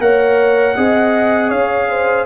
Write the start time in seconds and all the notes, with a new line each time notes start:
0.00 A#3 A#4 C#5 F#5
0.76 C4 G#4 D#5
1.49 C#4 C#5 F5
1.88 C5